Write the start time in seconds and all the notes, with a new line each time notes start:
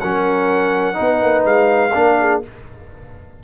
0.00 F#3 C#4 A#4 F#5
0.94 B3 D#4 B4
1.23 A#3
1.45 G#3 F5
1.93 A#3 D4 A#4
2.19 G#4